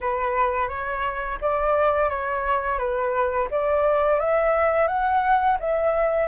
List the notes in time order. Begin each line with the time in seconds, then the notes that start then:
0.00 B4
0.68 C#5
1.41 D5
2.09 C#5
2.78 B4
3.50 D5
4.19 E5
4.87 F#5
5.59 E5